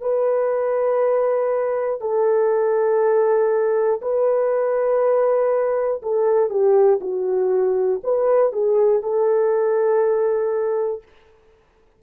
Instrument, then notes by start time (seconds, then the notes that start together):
horn
0.00 B4
2.00 A4
4.01 B4
6.02 A4
6.50 G4
7.00 F#4
8.03 B4
8.52 G#4
9.02 A4